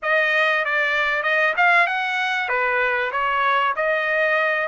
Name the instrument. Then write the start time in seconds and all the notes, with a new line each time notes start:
trumpet
0.02 D#5
0.64 D5
1.22 D#5
1.56 F5
1.87 F#5
2.48 B4
3.11 C#5
3.76 D#5